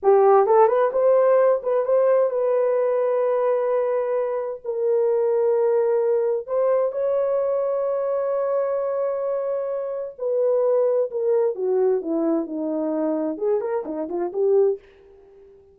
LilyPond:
\new Staff \with { instrumentName = "horn" } { \time 4/4 \tempo 4 = 130 g'4 a'8 b'8 c''4. b'8 | c''4 b'2.~ | b'2 ais'2~ | ais'2 c''4 cis''4~ |
cis''1~ | cis''2 b'2 | ais'4 fis'4 e'4 dis'4~ | dis'4 gis'8 ais'8 dis'8 f'8 g'4 | }